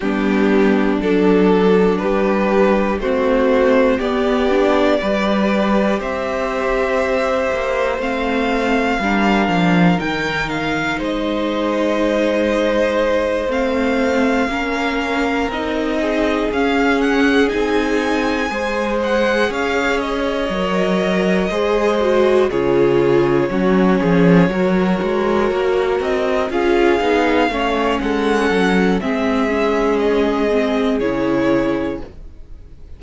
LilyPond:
<<
  \new Staff \with { instrumentName = "violin" } { \time 4/4 \tempo 4 = 60 g'4 a'4 b'4 c''4 | d''2 e''2 | f''2 g''8 f''8 dis''4~ | dis''4. f''2 dis''8~ |
dis''8 f''8 fis''8 gis''4. fis''8 f''8 | dis''2~ dis''8 cis''4.~ | cis''2 dis''8 f''4. | fis''4 e''4 dis''4 cis''4 | }
  \new Staff \with { instrumentName = "violin" } { \time 4/4 d'2 g'4 fis'4 | g'4 b'4 c''2~ | c''4 ais'2 c''4~ | c''2~ c''8 ais'4. |
gis'2~ gis'8 c''4 cis''8~ | cis''4. c''4 gis'4 fis'8 | gis'8 ais'2 gis'4 cis''8 | a'4 gis'2. | }
  \new Staff \with { instrumentName = "viola" } { \time 4/4 b4 d'2 c'4 | b8 d'8 g'2. | c'4 d'4 dis'2~ | dis'4. c'4 cis'4 dis'8~ |
dis'8 cis'4 dis'4 gis'4.~ | gis'8 ais'4 gis'8 fis'8 f'4 cis'8~ | cis'8 fis'2 f'8 dis'8 cis'8~ | cis'4 c'8 cis'4 c'8 e'4 | }
  \new Staff \with { instrumentName = "cello" } { \time 4/4 g4 fis4 g4 a4 | b4 g4 c'4. ais8 | a4 g8 f8 dis4 gis4~ | gis4. a4 ais4 c'8~ |
c'8 cis'4 c'4 gis4 cis'8~ | cis'8 fis4 gis4 cis4 fis8 | f8 fis8 gis8 ais8 c'8 cis'8 b8 a8 | gis8 fis8 gis2 cis4 | }
>>